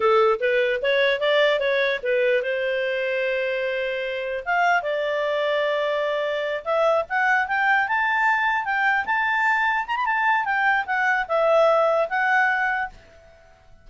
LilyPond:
\new Staff \with { instrumentName = "clarinet" } { \time 4/4 \tempo 4 = 149 a'4 b'4 cis''4 d''4 | cis''4 b'4 c''2~ | c''2. f''4 | d''1~ |
d''8 e''4 fis''4 g''4 a''8~ | a''4. g''4 a''4.~ | a''8 ais''16 b''16 a''4 g''4 fis''4 | e''2 fis''2 | }